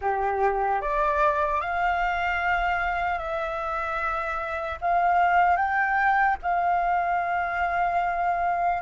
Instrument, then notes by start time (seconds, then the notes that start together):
flute
0.01 G4
0.81 D5
1.60 F5
3.18 E5
4.81 F5
5.56 G5
6.42 F5